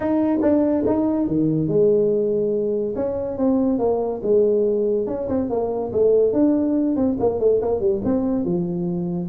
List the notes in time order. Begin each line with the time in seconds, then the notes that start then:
0.00 D#4
0.41 D4
0.86 D#4
1.27 D#3
1.67 G#3
2.95 C#4
3.37 C4
3.78 A#3
4.22 G#3
5.06 C#4
5.28 C4
5.49 A#3
5.92 A3
6.32 D4
6.96 C4
7.19 A#3
7.39 A3
7.61 A#3
7.80 G3
8.04 C4
8.44 F3